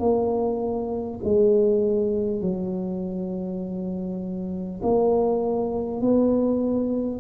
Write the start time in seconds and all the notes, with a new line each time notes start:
0.00 A#3
1.24 G#3
2.42 F#3
4.83 A#3
6.02 B3